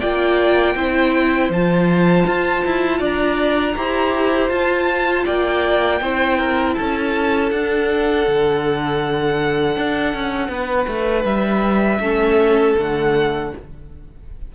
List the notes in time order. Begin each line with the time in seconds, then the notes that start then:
0.00 A#3 F4 D5 G5
0.75 C4 E4 C5
1.50 F3 F4 A5
2.27 F4
2.66 E4
2.99 D4 D5 A#5
3.76 E4 G4 C5
4.50 F4 A5
5.26 A#3 D5 G5
6.01 C4 E4 C5
6.38 A#4
6.75 C#4 A4 A5
7.51 D4 F#5
8.28 D3
9.77 D4
10.14 C#4
10.49 B3 B4
10.88 A3
11.24 G3 E5
12.00 A3 C#4 A4
12.78 D3 A3 F#5